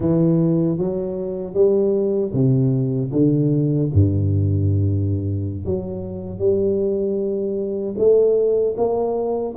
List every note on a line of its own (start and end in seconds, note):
0.00 0.78 E3
0.78 1.53 F#3
1.53 2.31 G3
2.33 3.11 C3
3.12 3.90 D3
3.93 5.65 G2
5.65 6.39 F#3
6.39 7.94 G3
7.97 8.75 A3
8.77 9.55 A#3